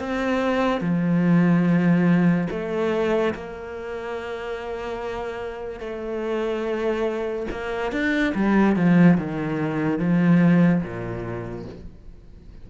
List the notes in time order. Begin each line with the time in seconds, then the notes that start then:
0.00 C4
0.81 F3
2.51 A3
3.35 A#3
5.80 A3
7.52 A#3
7.92 D4
8.35 G3
8.76 F3
9.18 D#3
9.99 F3
10.83 A#2